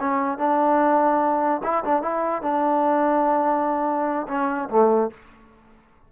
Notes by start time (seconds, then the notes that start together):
0.00 C#4
0.38 D4
1.63 E4
1.85 D4
2.02 E4
2.42 D4
4.28 C#4
4.69 A3